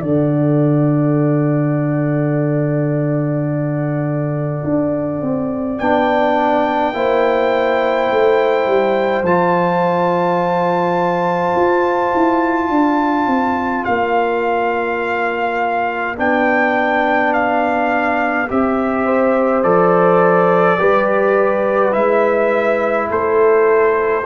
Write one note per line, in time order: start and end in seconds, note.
0.00 4.64 D3
0.00 5.77 A4
0.00 6.93 D5
0.00 5.79 F#5
4.64 5.22 D4
5.22 5.80 C4
5.79 6.95 B3
5.79 6.94 D4
5.79 9.25 G5
6.94 8.10 A#3
6.94 9.25 E4
6.94 12.71 C5
8.11 8.67 A3
8.67 9.23 G3
9.23 11.53 F3
9.23 16.17 F4
9.23 13.85 A5
11.56 12.13 F4
12.14 12.70 E4
12.70 13.27 D4
12.70 19.05 D5
13.27 13.85 C4
13.85 16.19 A#3
13.85 16.16 F5
16.17 18.50 B3
16.17 18.48 D4
16.17 17.33 G5
17.33 18.49 F5
18.49 19.64 C4
18.49 19.64 G4
18.49 19.63 E5
19.05 20.78 C5
19.63 20.79 F3
19.63 20.79 A4
19.63 21.93 D5
20.79 21.95 G3
20.79 21.92 G4
20.79 23.09 B4
21.92 23.11 G#3
21.92 24.23 E4
21.92 23.09 E5
23.10 24.26 A3
23.10 24.26 A4
23.10 24.26 C5